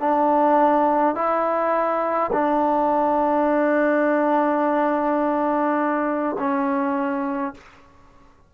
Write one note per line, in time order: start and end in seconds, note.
0.00 1.15 D4
1.15 2.31 E4
2.33 6.37 D4
6.39 7.55 C#4